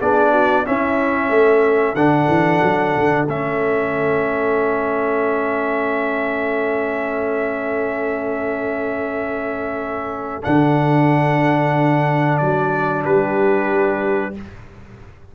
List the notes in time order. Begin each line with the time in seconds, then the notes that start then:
0.00 B3 D4 G#4 D5
0.32 F#4
0.65 C#4 E4 E5
1.30 A3 A4
1.95 D3 D4 F#5
2.28 E3
2.63 F#3
2.98 D3
3.28 A3 C#4 E5
10.43 D3 D4 F#5
12.38 F#3 D5
13.03 G3 G4 B4